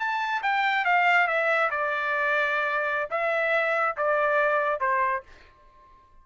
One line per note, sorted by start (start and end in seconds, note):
0.00 0.43 A5
0.43 0.85 G5
0.85 1.28 F5
1.28 1.70 E5
1.71 3.09 D5
3.11 3.96 E5
3.97 4.81 D5
4.81 5.23 C5